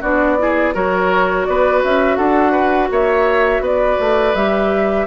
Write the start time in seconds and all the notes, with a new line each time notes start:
0.00 B3 D4 F#4 D5
0.38 E4 G#4
0.73 F#3 F#4 A#4 C#5
1.45 B3 B4 D5
1.84 C#4 E5
2.16 D4 A4 F#5
2.51 B4
2.90 A#3 C#5 E5
3.60 B3 B4 D5
4.00 A3
4.34 G3 G4 E5